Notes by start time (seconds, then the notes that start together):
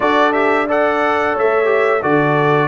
0.00 D4 F#4 A4 D5
0.33 G4 E5
0.68 A4 D5 F#5
1.33 A3 C#5 E5
1.65 G4
2.01 D3 F#4 A4 D5